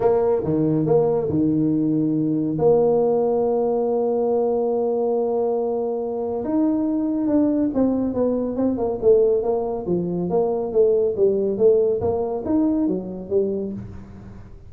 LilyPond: \new Staff \with { instrumentName = "tuba" } { \time 4/4 \tempo 4 = 140 ais4 dis4 ais4 dis4~ | dis2 ais2~ | ais1~ | ais2. dis'4~ |
dis'4 d'4 c'4 b4 | c'8 ais8 a4 ais4 f4 | ais4 a4 g4 a4 | ais4 dis'4 fis4 g4 | }